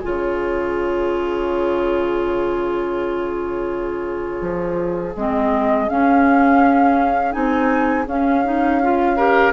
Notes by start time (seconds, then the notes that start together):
0.00 C#3 F4 G#4 C#5
4.41 F3
5.16 G#3 C4 D#5
5.88 C#4 F5
7.31 C4 D#4 G#5
8.06 C#4 F5
8.44 D#4
8.82 F4
9.16 G4 A#4